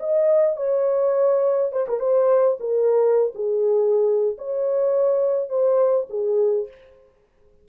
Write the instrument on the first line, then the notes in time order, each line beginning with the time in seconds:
horn
0.00 D#5
0.57 C#5
1.72 C5
1.88 A#4
2.00 C5
2.60 A#4
3.35 G#4
4.38 C#5
5.49 C5
6.10 G#4